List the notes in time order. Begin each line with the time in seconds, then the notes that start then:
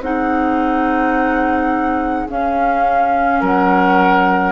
0.00 C4 D#4 G#4 F#5
2.29 C#4 F5
3.40 F#3 A#4 F#5